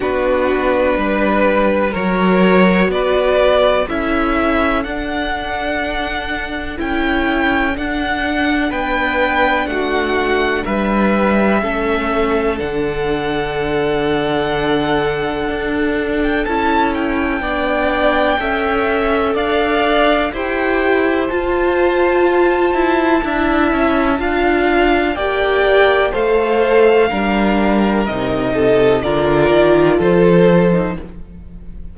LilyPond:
<<
  \new Staff \with { instrumentName = "violin" } { \time 4/4 \tempo 4 = 62 b'2 cis''4 d''4 | e''4 fis''2 g''4 | fis''4 g''4 fis''4 e''4~ | e''4 fis''2.~ |
fis''8. g''16 a''8 g''2~ g''8 | f''4 g''4 a''2~ | a''2 g''4 f''4~ | f''4 dis''4 d''4 c''4 | }
  \new Staff \with { instrumentName = "violin" } { \time 4/4 fis'4 b'4 ais'4 b'4 | a'1~ | a'4 b'4 fis'4 b'4 | a'1~ |
a'2 d''4 e''4 | d''4 c''2. | e''4 f''4 d''4 c''4 | ais'4. a'8 ais'4 a'4 | }
  \new Staff \with { instrumentName = "viola" } { \time 4/4 d'2 fis'2 | e'4 d'2 e'4 | d'1 | cis'4 d'2.~ |
d'4 e'4 d'4 a'4~ | a'4 g'4 f'2 | e'4 f'4 g'4 a'4 | d'4 dis'4 f'4.~ f'16 dis'16 | }
  \new Staff \with { instrumentName = "cello" } { \time 4/4 b4 g4 fis4 b4 | cis'4 d'2 cis'4 | d'4 b4 a4 g4 | a4 d2. |
d'4 cis'4 b4 cis'4 | d'4 e'4 f'4. e'8 | d'8 cis'8 d'4 ais4 a4 | g4 c4 d8 dis8 f4 | }
>>